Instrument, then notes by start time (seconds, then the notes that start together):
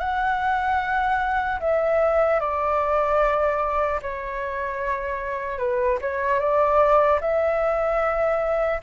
flute
0.00 F#5
1.60 E5
2.40 D5
4.03 C#5
5.59 B4
6.02 C#5
6.40 D5
7.21 E5